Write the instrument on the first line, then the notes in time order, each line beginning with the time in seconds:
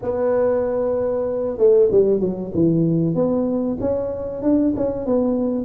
tuba
0.01 B3
1.57 A3
1.91 G3
2.19 F#3
2.54 E3
3.14 B3
3.80 C#4
4.42 D4
4.76 C#4
5.06 B3